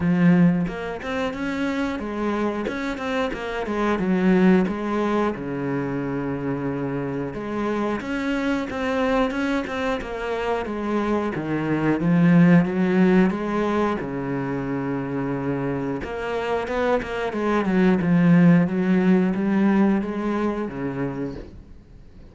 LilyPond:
\new Staff \with { instrumentName = "cello" } { \time 4/4 \tempo 4 = 90 f4 ais8 c'8 cis'4 gis4 | cis'8 c'8 ais8 gis8 fis4 gis4 | cis2. gis4 | cis'4 c'4 cis'8 c'8 ais4 |
gis4 dis4 f4 fis4 | gis4 cis2. | ais4 b8 ais8 gis8 fis8 f4 | fis4 g4 gis4 cis4 | }